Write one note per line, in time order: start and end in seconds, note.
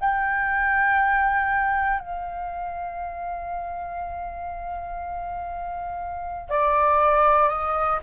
0.00 1.99 G5
1.99 6.49 F5
6.50 7.49 D5
7.49 7.99 D#5